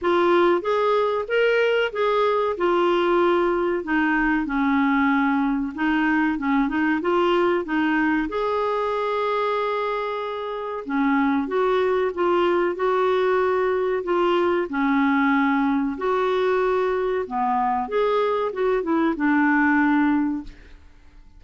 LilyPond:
\new Staff \with { instrumentName = "clarinet" } { \time 4/4 \tempo 4 = 94 f'4 gis'4 ais'4 gis'4 | f'2 dis'4 cis'4~ | cis'4 dis'4 cis'8 dis'8 f'4 | dis'4 gis'2.~ |
gis'4 cis'4 fis'4 f'4 | fis'2 f'4 cis'4~ | cis'4 fis'2 b4 | gis'4 fis'8 e'8 d'2 | }